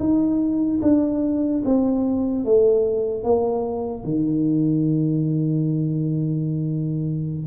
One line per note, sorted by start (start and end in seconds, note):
0.00 0.81 D#4
0.83 1.64 D4
1.65 2.45 C4
2.45 3.24 A3
3.24 4.04 A#3
4.04 7.47 D#3